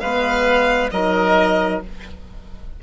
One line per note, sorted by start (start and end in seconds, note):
0.00 0.91 G#3
0.00 0.93 B3
0.00 0.91 B4
0.00 0.90 F5
0.91 1.81 F#3
0.91 1.83 D#4
0.91 1.82 A#4
0.91 1.80 D#5